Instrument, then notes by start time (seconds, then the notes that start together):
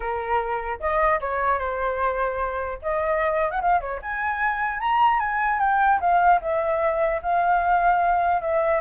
flute
0.00 A#4
0.80 D#5
1.20 C#5
1.59 C5
2.82 D#5
3.51 F#5
3.61 F5
3.80 C#5
4.02 G#5
4.80 A#5
5.19 G#5
5.59 G5
6.00 F5
6.41 E5
7.22 F5
8.41 E5